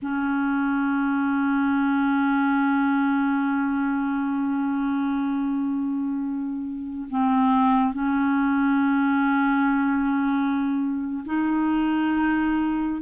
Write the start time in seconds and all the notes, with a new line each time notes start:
0.02 C#4
7.09 C4
7.93 C#4
11.25 D#4